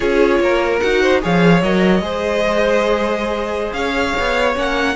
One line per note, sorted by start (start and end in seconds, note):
0.00 0.40 C#4
0.00 0.80 F4
0.00 0.40 G#4
0.00 0.79 C#5
0.40 0.80 A#3
0.40 1.01 A#4
0.79 1.23 D#4
0.79 1.21 F#4
0.79 1.20 F#5
1.01 1.21 C5
1.21 1.62 F3
1.21 1.62 G#4
1.21 2.04 C#5
1.21 1.62 F5
1.62 2.00 F#3
1.62 2.01 A#4
1.62 3.72 D#5
2.00 3.72 G#3
2.00 4.55 G#4
2.00 3.75 C5
3.72 4.13 C#4
3.72 4.95 C#5
3.72 4.53 F5
4.19 4.56 B3
4.55 4.95 A#3
4.55 4.95 C#4
4.55 4.95 F#5